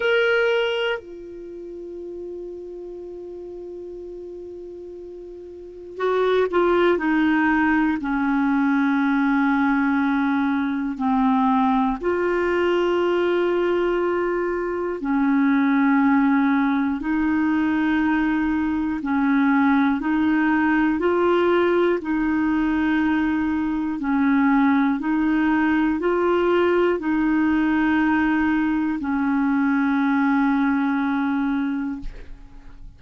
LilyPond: \new Staff \with { instrumentName = "clarinet" } { \time 4/4 \tempo 4 = 60 ais'4 f'2.~ | f'2 fis'8 f'8 dis'4 | cis'2. c'4 | f'2. cis'4~ |
cis'4 dis'2 cis'4 | dis'4 f'4 dis'2 | cis'4 dis'4 f'4 dis'4~ | dis'4 cis'2. | }